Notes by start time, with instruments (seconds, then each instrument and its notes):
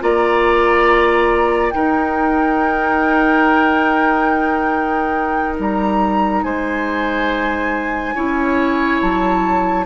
0.00 bassoon A#3, clarinet F4, oboe D5, flute A#5
1.69 clarinet D#4, bassoon D#4, oboe A#4, flute G5
5.59 bassoon G3, flute A#5
6.43 bassoon G#3, oboe C5, flute G#5
8.15 bassoon C#4, clarinet E4, oboe C#5
9.01 bassoon F#3, flute A5